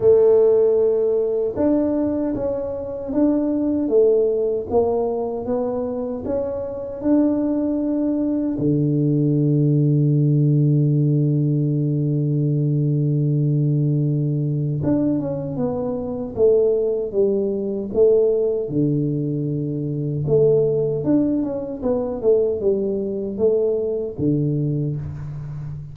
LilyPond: \new Staff \with { instrumentName = "tuba" } { \time 4/4 \tempo 4 = 77 a2 d'4 cis'4 | d'4 a4 ais4 b4 | cis'4 d'2 d4~ | d1~ |
d2. d'8 cis'8 | b4 a4 g4 a4 | d2 a4 d'8 cis'8 | b8 a8 g4 a4 d4 | }